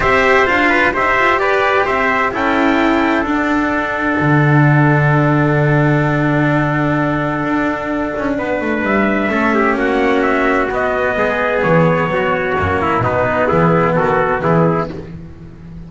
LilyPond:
<<
  \new Staff \with { instrumentName = "trumpet" } { \time 4/4 \tempo 4 = 129 e''4 f''4 e''4 d''4 | e''4 g''2 fis''4~ | fis''1~ | fis''1~ |
fis''2. e''4~ | e''4 fis''4 e''4 dis''4~ | dis''4 cis''2. | b'4 gis'4 a'4 gis'4 | }
  \new Staff \with { instrumentName = "trumpet" } { \time 4/4 c''4. b'8 c''4 b'4 | c''4 a'2.~ | a'1~ | a'1~ |
a'2 b'2 | a'8 g'8 fis'2. | gis'2 fis'4. e'8 | dis'4 e'4 fis'4 e'4 | }
  \new Staff \with { instrumentName = "cello" } { \time 4/4 g'4 f'4 g'2~ | g'4 e'2 d'4~ | d'1~ | d'1~ |
d'1 | cis'2. b4~ | b2. ais4 | b1 | }
  \new Staff \with { instrumentName = "double bass" } { \time 4/4 c'4 d'4 dis'8 f'8 g'4 | c'4 cis'2 d'4~ | d'4 d2.~ | d1 |
d'4. cis'8 b8 a8 g4 | a4 ais2 b4 | gis4 e4 fis4 fis,4 | b,4 e4 dis4 e4 | }
>>